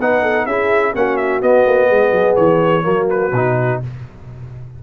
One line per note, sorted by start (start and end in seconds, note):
0.00 0.46 B3
0.00 0.49 D#4
0.00 0.22 B4
0.00 0.46 F#5
0.22 0.46 A4
0.46 0.94 C#4
0.46 0.94 E4
0.46 0.94 G#4
0.46 0.94 E5
0.94 1.42 A#3
0.94 1.41 C#4
0.94 1.89 F#4
0.94 1.17 F#5
1.17 1.41 E5
1.41 2.82 B3
1.41 1.66 B3
1.41 2.36 D#5
1.67 1.90 A#3
1.89 2.12 G#3
1.89 2.84 G#4
2.12 2.36 F#3
2.36 2.85 E3
2.36 3.07 C#5
2.82 3.32 F#3
2.82 3.30 A#3
2.82 3.82 F#4
3.10 3.82 B4
3.32 3.80 B2
3.32 3.83 D#4